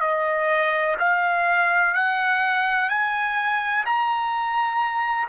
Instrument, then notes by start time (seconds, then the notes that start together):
trumpet
0.00 D#5
0.99 F5
1.94 F#5
2.89 G#5
3.85 A#5